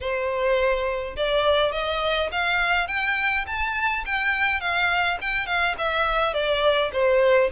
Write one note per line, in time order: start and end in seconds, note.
0.00 1.16 C5
1.16 1.72 D5
1.72 2.29 D#5
2.31 2.87 F5
2.87 3.45 G5
3.46 4.04 A5
4.05 4.60 G5
4.60 5.18 F5
5.21 5.46 G5
5.46 5.75 F5
5.78 6.33 E5
6.33 6.91 D5
6.92 7.50 C5